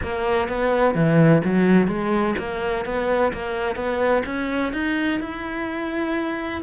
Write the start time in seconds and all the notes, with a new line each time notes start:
0.02 A#3
0.48 B3
0.94 E3
1.44 F#3
1.87 G#3
2.38 A#3
2.85 B3
3.33 A#3
3.75 B3
4.25 C#4
4.72 D#4
5.20 E4